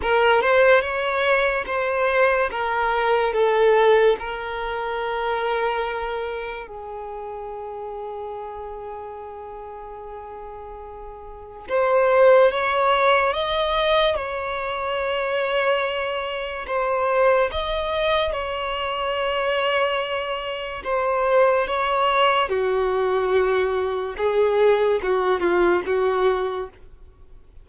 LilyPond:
\new Staff \with { instrumentName = "violin" } { \time 4/4 \tempo 4 = 72 ais'8 c''8 cis''4 c''4 ais'4 | a'4 ais'2. | gis'1~ | gis'2 c''4 cis''4 |
dis''4 cis''2. | c''4 dis''4 cis''2~ | cis''4 c''4 cis''4 fis'4~ | fis'4 gis'4 fis'8 f'8 fis'4 | }